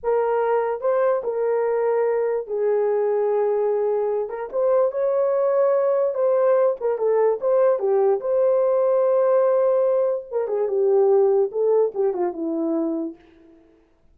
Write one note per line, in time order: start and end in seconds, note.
0.03 0.81 A#4
0.81 1.22 C5
1.23 2.47 A#4
2.47 4.29 G#4
4.29 4.49 A#4
4.52 4.91 C5
4.91 6.14 C#5
6.14 6.76 C5
6.80 6.98 A#4
6.98 7.39 A4
7.41 7.79 C5
7.79 8.20 G4
8.20 10.25 C5
10.31 10.47 A#4
10.47 10.68 G#4
10.68 11.50 G4
11.51 11.92 A4
11.94 12.13 G4
12.13 12.33 F4
12.33 13.15 E4